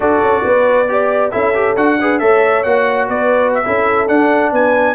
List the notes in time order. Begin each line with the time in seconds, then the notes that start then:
0.00 D4 F#4 A4 D5
0.20 C#4
0.44 B3 B4
0.88 G4 D5
1.31 C#4 E4 A4 E5
1.54 G4
1.76 D4 F#4 F#5
2.01 G#4 B4
2.19 A3 A4 C#5 E5
2.63 A#3 F#4 F#5
3.08 B3 B4 D5
3.54 E5
3.64 C#4 E4 A4
4.07 D4 F#5
4.51 B3 B4 G#5